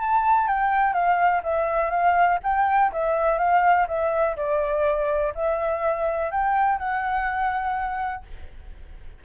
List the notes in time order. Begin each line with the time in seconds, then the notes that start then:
0.00 A5
0.48 G5
0.93 F5
1.43 E5
1.90 F5
2.43 G5
2.92 E5
3.38 F5
3.87 E5
4.36 D5
5.35 E5
6.31 G5
6.78 F#5